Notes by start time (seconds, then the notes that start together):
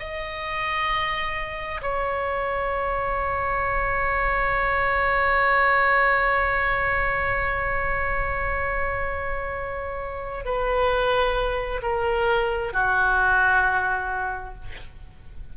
0.00 D#5
1.82 C#5
10.45 B4
11.83 A#4
12.73 F#4